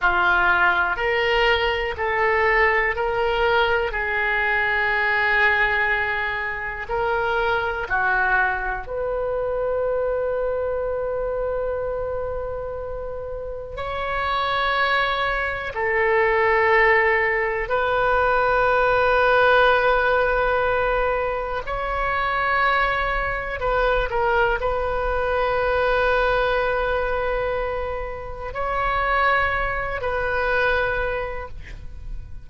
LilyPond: \new Staff \with { instrumentName = "oboe" } { \time 4/4 \tempo 4 = 61 f'4 ais'4 a'4 ais'4 | gis'2. ais'4 | fis'4 b'2.~ | b'2 cis''2 |
a'2 b'2~ | b'2 cis''2 | b'8 ais'8 b'2.~ | b'4 cis''4. b'4. | }